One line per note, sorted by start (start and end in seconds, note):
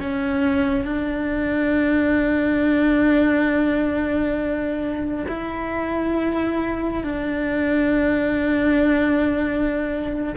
0.00 0.85 C#4
0.85 5.26 D4
5.28 7.03 E4
7.03 10.34 D4